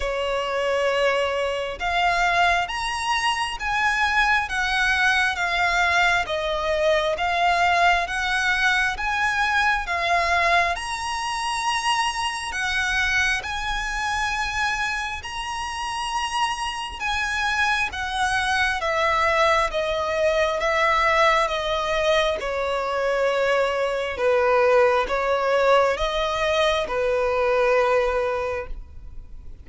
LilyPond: \new Staff \with { instrumentName = "violin" } { \time 4/4 \tempo 4 = 67 cis''2 f''4 ais''4 | gis''4 fis''4 f''4 dis''4 | f''4 fis''4 gis''4 f''4 | ais''2 fis''4 gis''4~ |
gis''4 ais''2 gis''4 | fis''4 e''4 dis''4 e''4 | dis''4 cis''2 b'4 | cis''4 dis''4 b'2 | }